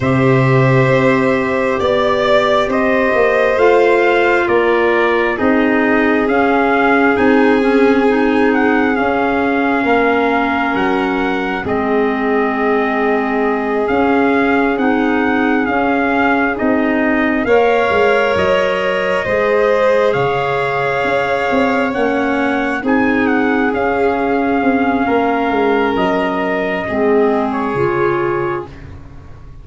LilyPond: <<
  \new Staff \with { instrumentName = "trumpet" } { \time 4/4 \tempo 4 = 67 e''2 d''4 dis''4 | f''4 d''4 dis''4 f''4 | gis''4. fis''8 f''2 | fis''4 dis''2~ dis''8 f''8~ |
f''8 fis''4 f''4 dis''4 f''8~ | f''8 dis''2 f''4.~ | f''8 fis''4 gis''8 fis''8 f''4.~ | f''4 dis''4.~ dis''16 cis''4~ cis''16 | }
  \new Staff \with { instrumentName = "violin" } { \time 4/4 c''2 d''4 c''4~ | c''4 ais'4 gis'2~ | gis'2. ais'4~ | ais'4 gis'2.~ |
gis'2.~ gis'8 cis''8~ | cis''4. c''4 cis''4.~ | cis''4. gis'2~ gis'8 | ais'2 gis'2 | }
  \new Staff \with { instrumentName = "clarinet" } { \time 4/4 g'1 | f'2 dis'4 cis'4 | dis'8 cis'8 dis'4 cis'2~ | cis'4 c'2~ c'8 cis'8~ |
cis'8 dis'4 cis'4 dis'4 ais'8~ | ais'4. gis'2~ gis'8~ | gis'8 cis'4 dis'4 cis'4.~ | cis'2 c'4 f'4 | }
  \new Staff \with { instrumentName = "tuba" } { \time 4/4 c4 c'4 b4 c'8 ais8 | a4 ais4 c'4 cis'4 | c'2 cis'4 ais4 | fis4 gis2~ gis8 cis'8~ |
cis'8 c'4 cis'4 c'4 ais8 | gis8 fis4 gis4 cis4 cis'8 | c'8 ais4 c'4 cis'4 c'8 | ais8 gis8 fis4 gis4 cis4 | }
>>